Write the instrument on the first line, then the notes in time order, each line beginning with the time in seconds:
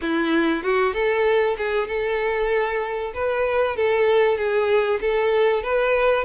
violin
0.01 E4
0.63 F#4
0.93 A4
1.57 G#4
1.88 A4
3.14 B4
3.76 A4
4.37 G#4
5.01 A4
5.62 B4